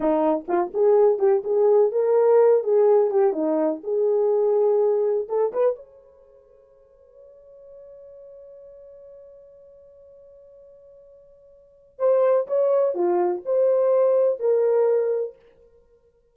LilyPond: \new Staff \with { instrumentName = "horn" } { \time 4/4 \tempo 4 = 125 dis'4 f'8 gis'4 g'8 gis'4 | ais'4. gis'4 g'8 dis'4 | gis'2. a'8 b'8 | cis''1~ |
cis''1~ | cis''1~ | cis''4 c''4 cis''4 f'4 | c''2 ais'2 | }